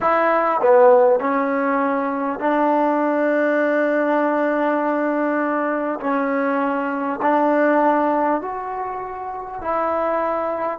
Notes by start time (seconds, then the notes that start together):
0.00 E4
0.60 B3
1.20 C#4
2.39 D4
6.00 C#4
7.22 D4
8.41 F#4
9.61 E4